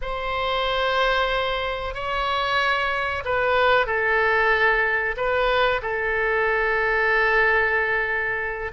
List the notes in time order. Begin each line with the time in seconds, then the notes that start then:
0.01 C5
1.94 C#5
3.25 B4
3.86 A4
5.16 B4
5.82 A4